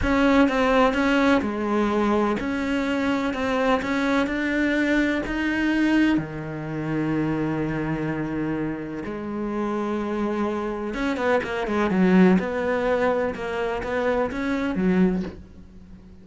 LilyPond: \new Staff \with { instrumentName = "cello" } { \time 4/4 \tempo 4 = 126 cis'4 c'4 cis'4 gis4~ | gis4 cis'2 c'4 | cis'4 d'2 dis'4~ | dis'4 dis2.~ |
dis2. gis4~ | gis2. cis'8 b8 | ais8 gis8 fis4 b2 | ais4 b4 cis'4 fis4 | }